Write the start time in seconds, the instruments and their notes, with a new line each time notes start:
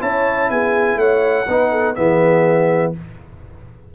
0.00 tuba C#4, trombone E4, horn C#5, trumpet A5
0.50 tuba B3, horn G#4, trumpet G#5
0.97 tuba A3, horn C#5, trumpet F#5
1.48 tuba B3, trombone D#4, horn B4
1.72 horn A4
1.95 tuba E3, trombone B3, horn G#4, trumpet E5